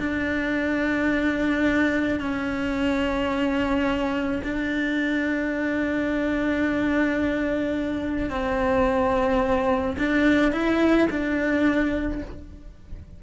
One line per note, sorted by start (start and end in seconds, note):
0.00 2.20 D4
2.20 4.43 C#4
4.44 8.31 D4
8.31 9.97 C4
9.98 10.53 D4
10.53 11.08 E4
11.11 12.22 D4